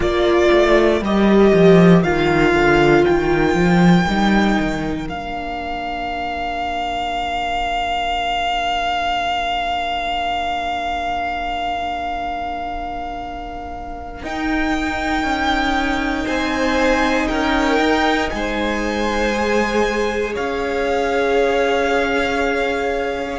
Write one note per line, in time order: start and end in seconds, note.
0.00 0.49 A#3
0.00 1.01 F4
0.00 16.25 A#4
0.00 1.03 D5
0.52 1.01 A3
1.01 1.51 G3
1.01 2.03 G4
1.01 2.03 D#5
1.53 2.03 F3
2.03 2.54 D#3
2.03 4.07 F4
2.03 3.04 F5
2.54 3.04 D3
3.04 3.54 D#3
3.04 5.08 G5
3.54 4.05 F3
4.08 4.58 G3
4.08 5.08 D#4
4.59 5.09 D#3
5.08 14.23 A#3
5.08 14.23 D4
5.08 14.24 F5
14.23 15.23 D#4
14.23 19.31 D#4
14.23 16.27 G5
15.23 16.25 C#4
16.25 17.28 C4
16.25 17.26 C5
16.25 17.27 G#5
17.27 17.79 C#4
17.27 18.30 A#4
17.27 18.29 G5
17.79 18.30 D#4
18.29 20.36 G#3
18.29 20.34 C5
18.29 20.32 G#5
19.33 23.38 G#4
20.34 23.38 C#4
20.34 23.38 C#5
20.34 23.38 F5